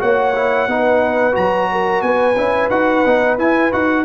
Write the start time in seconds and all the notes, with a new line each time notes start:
0.00 A#3 F#4 C#5 F#5
0.36 E4
0.68 B3 D#4 B4
1.33 F#3 F#4 A#5
1.72 A#4
2.02 B3 B4 G#5
2.36 C#4 E4
2.70 D#4 F#4 F#5
3.06 B3 D#4
3.38 E4 G#5
3.72 D#4 F#4 F#5